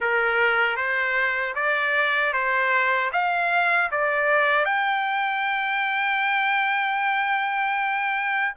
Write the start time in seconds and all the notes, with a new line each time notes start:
0.00 A#4
0.76 C5
1.55 D5
2.33 C5
3.12 F5
3.91 D5
4.65 G5